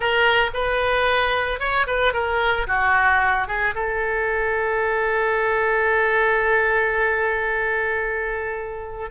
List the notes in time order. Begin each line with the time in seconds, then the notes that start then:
0.00 A#4
0.53 B4
1.59 C#5
1.87 B4
2.13 A#4
2.67 F#4
3.47 G#4
3.74 A4